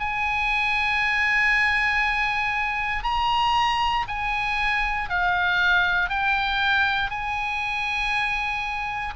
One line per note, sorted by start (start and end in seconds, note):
0.00 3.04 G#5
3.04 4.05 A#5
4.08 5.09 G#5
5.09 6.10 F5
6.10 7.10 G5
7.10 9.14 G#5